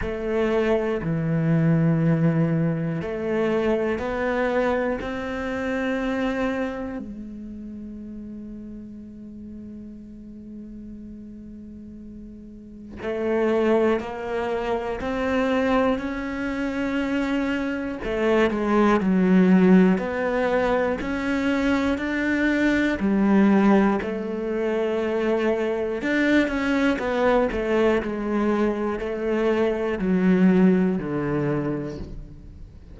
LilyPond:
\new Staff \with { instrumentName = "cello" } { \time 4/4 \tempo 4 = 60 a4 e2 a4 | b4 c'2 gis4~ | gis1~ | gis4 a4 ais4 c'4 |
cis'2 a8 gis8 fis4 | b4 cis'4 d'4 g4 | a2 d'8 cis'8 b8 a8 | gis4 a4 fis4 d4 | }